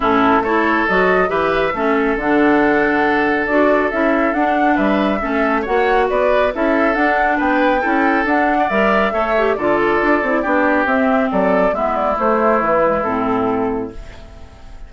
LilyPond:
<<
  \new Staff \with { instrumentName = "flute" } { \time 4/4 \tempo 4 = 138 a'4 cis''4 dis''4 e''4~ | e''4 fis''2. | d''4 e''4 fis''4 e''4~ | e''4 fis''4 d''4 e''4 |
fis''4 g''2 fis''4 | e''2 d''2~ | d''4 e''4 d''4 e''8 d''8 | c''4 b'4 a'2 | }
  \new Staff \with { instrumentName = "oboe" } { \time 4/4 e'4 a'2 b'4 | a'1~ | a'2. b'4 | a'4 cis''4 b'4 a'4~ |
a'4 b'4 a'4.~ a'16 d''16~ | d''4 cis''4 a'2 | g'2 a'4 e'4~ | e'1 | }
  \new Staff \with { instrumentName = "clarinet" } { \time 4/4 cis'4 e'4 fis'4 g'4 | cis'4 d'2. | fis'4 e'4 d'2 | cis'4 fis'2 e'4 |
d'2 e'4 d'4 | ais'4 a'8 g'8 f'4. e'8 | d'4 c'2 b4 | a4. gis8 c'2 | }
  \new Staff \with { instrumentName = "bassoon" } { \time 4/4 a,4 a4 fis4 e4 | a4 d2. | d'4 cis'4 d'4 g4 | a4 ais4 b4 cis'4 |
d'4 b4 cis'4 d'4 | g4 a4 d4 d'8 c'8 | b4 c'4 fis4 gis4 | a4 e4 a,2 | }
>>